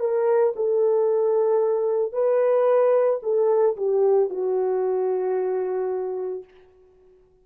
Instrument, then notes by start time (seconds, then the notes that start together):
horn
0.00 A#4
0.56 A4
2.13 B4
3.23 A4
3.77 G4
4.30 F#4